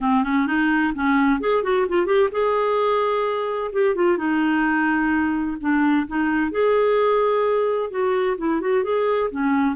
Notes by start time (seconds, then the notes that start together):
0.00 C4
0.23 C#4
0.46 D#4
0.95 C#4
1.40 G#4
1.63 F#4
1.88 F4
2.06 G4
2.31 G#4
3.72 G4
3.95 F4
4.17 D#4
5.60 D4
6.07 D#4
6.51 G#4
7.90 F#4
8.37 E4
8.60 F#4
8.83 G#4
9.30 C#4